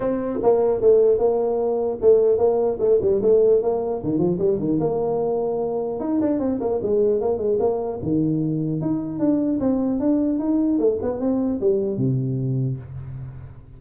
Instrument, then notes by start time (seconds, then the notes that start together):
tuba
0.00 C4
0.43 A#3
0.81 A3
1.18 A#3
2.01 A3
2.37 A#3
2.79 A3
3.01 G3
3.22 A3
3.61 A#3
4.03 D#3
4.18 F3
4.38 G3
4.59 D#3
4.80 A#3
6.00 D#4
6.21 D4
6.39 C4
6.60 A#3
6.82 G#3
7.21 A#3
7.38 G#3
7.59 A#3
8.02 D#3
8.81 D#4
9.19 D4
9.60 C4
9.99 D4
10.39 D#4
10.79 A3
11.02 B3
11.19 C4
11.60 G3
11.97 C3